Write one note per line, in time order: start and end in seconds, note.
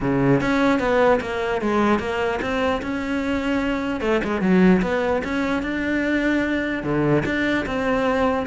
0.00 0.40 C#3
0.40 0.79 C#4
0.79 1.20 B3
1.20 1.61 A#3
1.61 1.99 G#3
1.99 2.39 A#3
2.41 2.81 C4
2.82 4.01 C#4
4.01 4.21 A3
4.23 4.41 G#3
4.41 4.81 F#3
4.82 5.22 B3
5.23 5.62 C#4
5.62 6.83 D4
6.83 7.23 D3
7.25 7.65 D4
7.66 8.46 C4